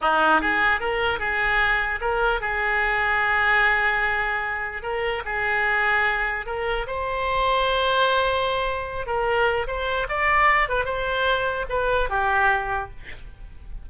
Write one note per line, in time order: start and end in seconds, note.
0.01 0.41 D#4
0.41 0.80 G#4
0.80 1.19 A#4
1.19 1.99 G#4
2.00 2.41 A#4
2.41 4.82 G#4
4.82 5.22 A#4
5.25 6.46 G#4
6.46 6.86 A#4
6.87 9.06 C5
9.06 9.66 A#4
9.67 10.07 C5
10.09 10.68 D5
10.68 10.84 B4
10.84 11.65 C5
11.69 12.09 B4
12.09 12.90 G4